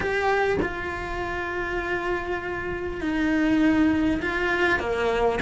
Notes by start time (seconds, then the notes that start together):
0.00 G4
0.62 F4
3.00 D#4
4.22 F4
4.79 A#3